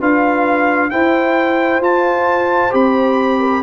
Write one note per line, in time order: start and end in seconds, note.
0.00 0.91 D4
0.00 0.91 F4
0.00 0.91 B4
0.00 0.90 F5
0.90 1.82 E4
0.90 1.80 E4
0.90 3.40 C5
0.90 1.81 G5
1.80 2.70 F4
1.80 2.71 F4
1.80 2.74 A5
2.71 3.63 C4
2.71 3.62 G4
2.71 3.63 B5
3.40 3.63 A#4